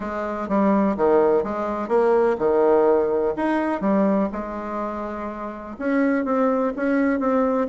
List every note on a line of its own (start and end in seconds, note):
0.00 0.48 G#3
0.48 0.96 G3
0.96 1.43 D#3
1.43 1.88 G#3
1.88 2.36 A#3
2.38 3.34 D#3
3.36 3.81 D#4
3.81 4.29 G3
4.32 5.76 G#3
5.78 6.24 C#4
6.24 6.72 C4
6.76 7.19 C#4
7.19 7.67 C4